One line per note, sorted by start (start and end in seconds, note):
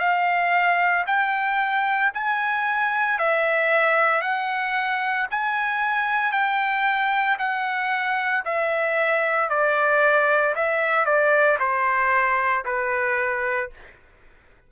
0.00 1.05 F5
1.07 2.12 G5
2.14 3.19 G#5
3.19 4.22 E5
4.22 5.27 F#5
5.31 6.32 G#5
6.32 7.37 G5
7.39 8.44 F#5
8.45 9.50 E5
9.50 10.55 D5
10.56 11.06 E5
11.06 11.58 D5
11.60 12.65 C5
12.66 13.71 B4